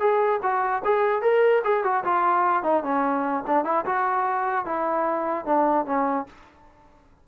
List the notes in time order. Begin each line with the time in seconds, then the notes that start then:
0.00 G#4
0.43 F#4
0.85 G#4
1.22 A#4
1.64 G#4
1.84 F#4
2.04 F4
2.63 D#4
2.84 C#4
3.47 D4
3.65 E4
3.86 F#4
4.66 E4
5.46 D4
5.86 C#4